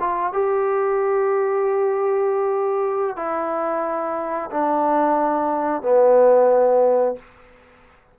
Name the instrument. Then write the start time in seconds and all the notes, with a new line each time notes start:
trombone
0.00 F4
0.33 G4
3.17 E4
4.51 D4
5.82 B3